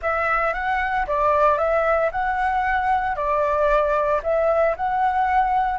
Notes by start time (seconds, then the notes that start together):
0.01 E5
0.53 F#5
1.07 D5
1.58 E5
2.11 F#5
3.16 D5
4.23 E5
4.76 F#5